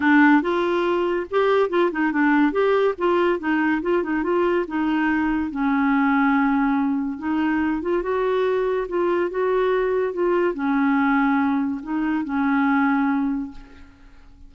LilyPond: \new Staff \with { instrumentName = "clarinet" } { \time 4/4 \tempo 4 = 142 d'4 f'2 g'4 | f'8 dis'8 d'4 g'4 f'4 | dis'4 f'8 dis'8 f'4 dis'4~ | dis'4 cis'2.~ |
cis'4 dis'4. f'8 fis'4~ | fis'4 f'4 fis'2 | f'4 cis'2. | dis'4 cis'2. | }